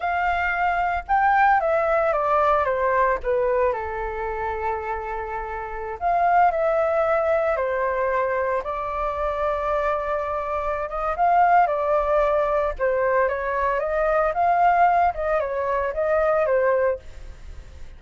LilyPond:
\new Staff \with { instrumentName = "flute" } { \time 4/4 \tempo 4 = 113 f''2 g''4 e''4 | d''4 c''4 b'4 a'4~ | a'2.~ a'16 f''8.~ | f''16 e''2 c''4.~ c''16~ |
c''16 d''2.~ d''8.~ | d''8 dis''8 f''4 d''2 | c''4 cis''4 dis''4 f''4~ | f''8 dis''8 cis''4 dis''4 c''4 | }